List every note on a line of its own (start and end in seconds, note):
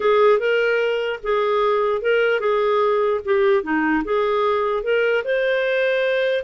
0.00 0.39 G#4
0.39 1.19 A#4
1.23 2.01 G#4
2.01 2.40 A#4
2.40 3.20 G#4
3.24 3.63 G4
3.63 4.03 D#4
4.04 4.83 G#4
4.83 5.23 A#4
5.24 6.44 C5